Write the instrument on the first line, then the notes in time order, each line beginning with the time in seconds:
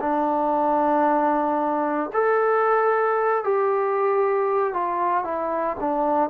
trombone
0.00 D4
2.13 A4
3.44 G4
4.73 F4
5.24 E4
5.80 D4